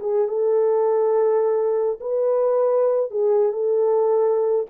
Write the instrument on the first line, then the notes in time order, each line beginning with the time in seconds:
horn
0.00 G#4
0.28 A4
2.01 B4
3.11 G#4
3.52 A4